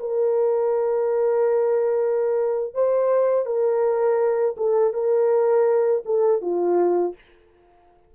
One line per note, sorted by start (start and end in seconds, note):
0.00 2.74 A#4
2.74 3.46 C5
3.46 4.56 A#4
4.57 4.94 A4
4.94 6.03 A#4
6.06 6.42 A4
6.42 7.15 F4